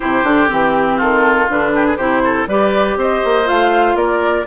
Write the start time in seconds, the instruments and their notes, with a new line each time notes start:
0.00 bassoon C3, clarinet E4, oboe G4, flute C5
0.24 bassoon D3, clarinet D4
0.48 bassoon E3, clarinet C4, flute G4
0.96 bassoon D#3, oboe F4, flute A4
1.48 bassoon D3, clarinet D4, flute B4
1.75 oboe G4
1.86 oboe G#4
1.96 bassoon C3, clarinet E4, oboe G4, flute C5
2.24 oboe A4
2.47 bassoon G3, clarinet G4, oboe B4, flute D5
2.96 bassoon C4, oboe C5, flute D#5
3.24 bassoon A#3
3.44 bassoon A3, clarinet F4, flute F5
3.95 bassoon A#3, oboe A#4, flute D5